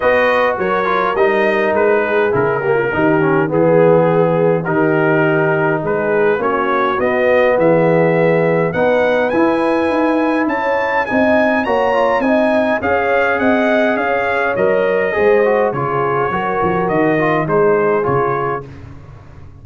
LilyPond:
<<
  \new Staff \with { instrumentName = "trumpet" } { \time 4/4 \tempo 4 = 103 dis''4 cis''4 dis''4 b'4 | ais'2 gis'2 | ais'2 b'4 cis''4 | dis''4 e''2 fis''4 |
gis''2 a''4 gis''4 | ais''4 gis''4 f''4 fis''4 | f''4 dis''2 cis''4~ | cis''4 dis''4 c''4 cis''4 | }
  \new Staff \with { instrumentName = "horn" } { \time 4/4 b'4 ais'2~ ais'8 gis'8~ | gis'8 g'16 f'16 g'4 gis'2 | g'2 gis'4 fis'4~ | fis'4 gis'2 b'4~ |
b'2 cis''4 dis''4 | cis''4 dis''4 cis''4 dis''4 | cis''2 c''4 gis'4 | ais'2 gis'2 | }
  \new Staff \with { instrumentName = "trombone" } { \time 4/4 fis'4. f'8 dis'2 | e'8 ais8 dis'8 cis'8 b2 | dis'2. cis'4 | b2. dis'4 |
e'2. dis'4 | fis'8 f'8 dis'4 gis'2~ | gis'4 ais'4 gis'8 fis'8 f'4 | fis'4. f'8 dis'4 f'4 | }
  \new Staff \with { instrumentName = "tuba" } { \time 4/4 b4 fis4 g4 gis4 | cis4 dis4 e2 | dis2 gis4 ais4 | b4 e2 b4 |
e'4 dis'4 cis'4 c'4 | ais4 c'4 cis'4 c'4 | cis'4 fis4 gis4 cis4 | fis8 f8 dis4 gis4 cis4 | }
>>